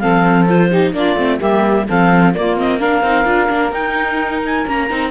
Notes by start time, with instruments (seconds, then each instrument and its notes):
0.00 cello F3, viola C4, saxophone A4, clarinet F5
0.47 viola F4, clarinet C5
0.69 viola D#4, saxophone G4
0.93 cello A#3, viola D4, saxophone F4, clarinet D5
1.16 cello A3, viola C4
1.39 cello G3, viola A#3, saxophone G4, clarinet E5
1.88 cello F3, viola C4, saxophone A4, clarinet F5
2.35 viola A#3, cello A#3, saxophone F4, clarinet D5
2.58 viola C4, clarinet D#5
2.79 viola D4, saxophone A#4, clarinet F5
3.03 cello C4, viola D#4
3.25 cello D4, viola F4
3.49 cello A#3, viola D4
3.72 cello D#4, viola D#4, clarinet G5
4.46 clarinet G#5
4.67 cello A#3, viola C#4, clarinet A#5
4.90 cello C4, viola D#4